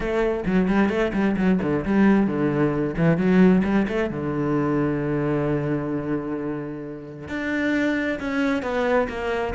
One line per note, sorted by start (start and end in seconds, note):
0.00 0.44 A3
0.45 0.68 F#3
0.68 0.89 G3
0.89 1.12 A3
1.13 1.35 G3
1.37 1.59 F#3
1.62 1.84 D3
1.85 2.26 G3
2.26 2.95 D3
2.97 3.17 E3
3.17 3.62 F#3
3.64 3.86 G3
3.88 4.10 A3
4.10 7.28 D3
7.28 8.19 D4
8.19 8.62 C#4
8.62 9.07 B3
9.08 9.54 A#3